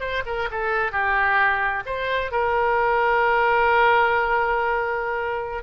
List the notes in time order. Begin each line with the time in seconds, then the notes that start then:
0.00 C5
0.26 A#4
0.51 A4
0.92 G4
1.85 C5
2.31 A#4